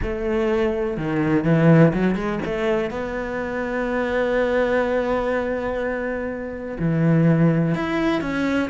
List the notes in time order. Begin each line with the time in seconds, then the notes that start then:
0.02 A3
0.97 D#3
1.44 E3
1.93 F#3
2.15 G#3
2.45 A3
2.90 B3
6.79 E3
7.74 E4
8.21 C#4